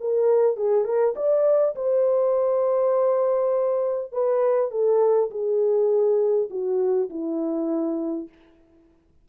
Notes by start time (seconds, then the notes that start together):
0.00 A#4
0.56 G#4
0.84 A#4
1.16 D5
1.75 C5
4.12 B4
4.71 A4
5.31 G#4
6.50 F#4
7.10 E4